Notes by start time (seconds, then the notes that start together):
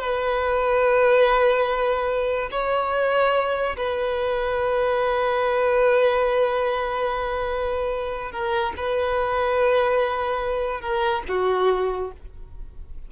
0.00 B4
2.52 C#5
3.77 B4
8.32 A#4
8.77 B4
10.81 A#4
11.29 F#4